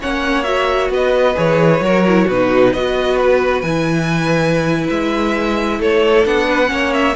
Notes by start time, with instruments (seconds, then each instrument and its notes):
0.00 cello A#3, viola C#4, violin C#5 F#5
0.43 viola F#4, violin E5
0.90 cello B3, violin B4 D#5
1.35 cello E3, viola G#4, violin C#5
1.80 cello F#3, viola F#4, violin A#4
2.07 viola E4
2.24 cello B2, violin F#4 B4
2.31 viola D#4
2.72 cello B3, viola F#4, violin B4 D#5
3.17 violin B4
3.61 cello E3, viola E4, violin G#5
4.90 cello G#3, violin E5
5.79 cello A3, violin A4 C#5
6.25 cello B3, viola D4, violin F#5
6.47 violin B4
6.66 cello A#3, viola C#4, violin C#5
6.93 violin E5